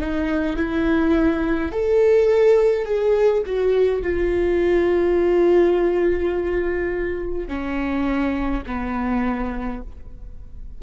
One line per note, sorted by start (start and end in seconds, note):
0.00 0.57 D#4
0.57 1.72 E4
1.72 2.85 A4
2.85 3.43 G#4
3.46 4.02 F#4
4.02 7.48 F4
7.48 8.63 C#4
8.66 9.82 B3